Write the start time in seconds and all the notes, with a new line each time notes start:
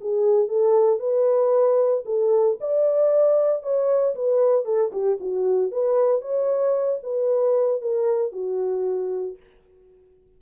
0.00 G#4
0.48 A4
0.99 B4
2.05 A4
2.60 D5
3.62 C#5
4.15 B4
4.64 A4
4.92 G4
5.20 F#4
5.71 B4
6.21 C#5
7.03 B4
7.81 A#4
8.32 F#4